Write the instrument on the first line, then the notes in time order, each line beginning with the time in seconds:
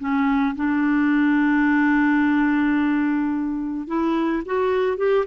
clarinet
0.00 C#4
0.56 D4
3.88 E4
4.46 F#4
4.98 G4